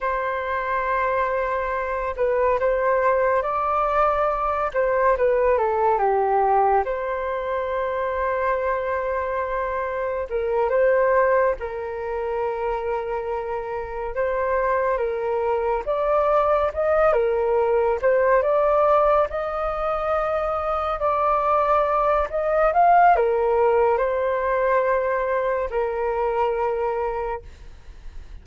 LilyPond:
\new Staff \with { instrumentName = "flute" } { \time 4/4 \tempo 4 = 70 c''2~ c''8 b'8 c''4 | d''4. c''8 b'8 a'8 g'4 | c''1 | ais'8 c''4 ais'2~ ais'8~ |
ais'8 c''4 ais'4 d''4 dis''8 | ais'4 c''8 d''4 dis''4.~ | dis''8 d''4. dis''8 f''8 ais'4 | c''2 ais'2 | }